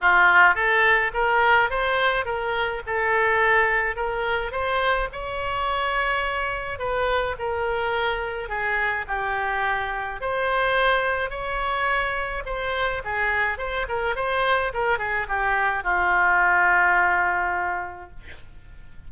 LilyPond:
\new Staff \with { instrumentName = "oboe" } { \time 4/4 \tempo 4 = 106 f'4 a'4 ais'4 c''4 | ais'4 a'2 ais'4 | c''4 cis''2. | b'4 ais'2 gis'4 |
g'2 c''2 | cis''2 c''4 gis'4 | c''8 ais'8 c''4 ais'8 gis'8 g'4 | f'1 | }